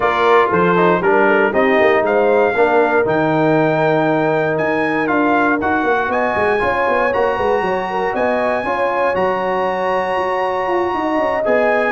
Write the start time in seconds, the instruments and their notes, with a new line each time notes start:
0.00 tuba A#3, trombone F4, horn A#4, trumpet D5
0.49 tuba F3, horn A4, trumpet C5
0.76 trombone D#4
1.01 tuba G3, trombone D4, horn A#4, trumpet A#4
1.26 horn A4
1.52 tuba C4, trombone D#4, horn G4, trumpet D#5
1.80 tuba A#3
2.02 tuba G#3, horn C5, trumpet F5
2.54 tuba A#3, trombone D4, horn A#4
3.05 tuba D#3, trombone D#4, trumpet G5
4.57 tuba D#4, trumpet G#5
5.07 tuba D4, trombone F4, trumpet F5
5.60 tuba D#4, trombone F#4, trumpet F#5
5.83 tuba A#3
6.08 tuba B3, horn D#5, trumpet G#5
6.35 tuba G#3
6.59 tuba C#4, trombone F4, horn C#5
6.88 tuba B3
7.13 tuba A#3, trombone F#4, trumpet A#5
7.36 tuba G#3, horn B4
7.61 tuba F#3, horn C#5
7.90 horn A#4
8.13 tuba B3, horn D#5, trumpet G#5
8.63 tuba C#4, trombone F4, horn C#5
9.14 tuba F#3, trombone F#4, trumpet A#5
10.17 tuba F#4
10.67 tuba F4
10.94 tuba D#4, horn D#5
11.18 tuba C#4
11.44 tuba B3, trombone G#4, trumpet G#5